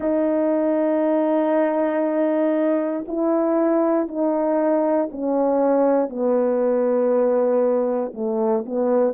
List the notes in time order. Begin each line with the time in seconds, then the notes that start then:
0.00 D#4
3.07 E4
4.07 D#4
5.11 C#4
6.09 B3
8.14 A3
8.65 B3